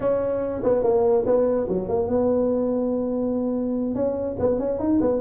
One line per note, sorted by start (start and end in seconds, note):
0.00 0.62 C#4
0.63 0.83 B3
0.83 1.24 A#3
1.25 1.67 B3
1.68 1.88 F#3
1.88 2.08 A#3
2.08 3.95 B3
3.95 4.36 C#4
4.39 4.59 B3
4.59 4.79 C#4
4.79 5.00 D#4
5.00 5.20 B3